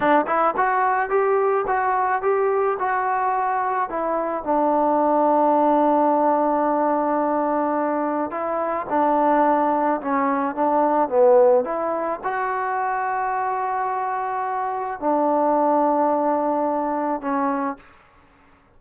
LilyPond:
\new Staff \with { instrumentName = "trombone" } { \time 4/4 \tempo 4 = 108 d'8 e'8 fis'4 g'4 fis'4 | g'4 fis'2 e'4 | d'1~ | d'2. e'4 |
d'2 cis'4 d'4 | b4 e'4 fis'2~ | fis'2. d'4~ | d'2. cis'4 | }